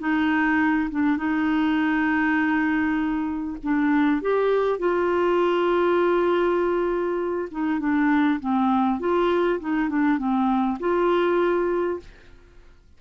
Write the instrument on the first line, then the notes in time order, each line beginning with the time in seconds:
clarinet
0.00 D#4
0.91 D4
1.17 D#4
3.63 D4
4.22 G4
4.79 F4
7.51 D#4
7.80 D4
8.40 C4
9.00 F4
9.60 D#4
9.89 D4
10.18 C4
10.79 F4